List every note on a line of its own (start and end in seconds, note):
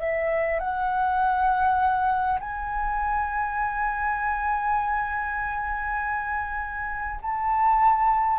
0.00 0.59 E5
0.59 2.39 F#5
2.40 7.20 G#5
7.22 8.38 A5